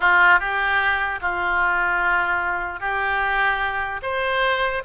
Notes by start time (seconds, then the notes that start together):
0.00 F4
0.39 G4
1.21 F4
2.79 G4
4.02 C5